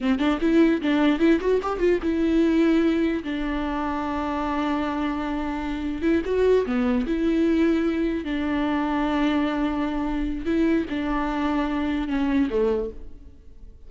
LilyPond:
\new Staff \with { instrumentName = "viola" } { \time 4/4 \tempo 4 = 149 c'8 d'8 e'4 d'4 e'8 fis'8 | g'8 f'8 e'2. | d'1~ | d'2. e'8 fis'8~ |
fis'8 b4 e'2~ e'8~ | e'8 d'2.~ d'8~ | d'2 e'4 d'4~ | d'2 cis'4 a4 | }